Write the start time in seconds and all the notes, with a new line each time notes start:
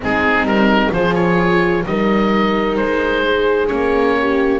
0.00 G#3 C4 D#4 G#4
0.43 G3 A#4
0.92 F3 F4 G#4 C5
1.14 C#5
1.86 G3 D#4 A#4 D#5
2.76 G#3 C5
3.25 G#4
3.67 A#3 C#4 C#5
4.20 G4